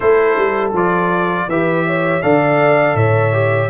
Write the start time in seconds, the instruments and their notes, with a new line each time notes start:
0.00 tuba A3, trombone E4, horn A4, trumpet C5
0.36 tuba G3
0.73 tuba F3, trombone F4, trumpet D5
1.47 tuba E3, trombone G4, horn B4, trumpet E5
1.86 horn C#5
2.22 tuba D3, trombone A4, horn D5, trumpet F5
2.94 tuba A2, horn C#5, trumpet E5
3.33 trombone G4